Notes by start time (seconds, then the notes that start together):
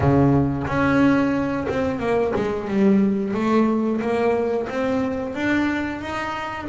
0.00 C#3
0.67 C#4
1.68 C4
1.99 A#3
2.36 G#3
2.68 G3
3.34 A3
4.01 A#3
4.69 C4
5.34 D4
6.01 D#4